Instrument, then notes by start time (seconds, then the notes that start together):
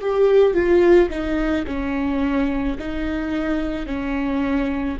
viola
0.00 G4
0.54 F4
1.10 D#4
1.67 C#4
2.78 D#4
3.86 C#4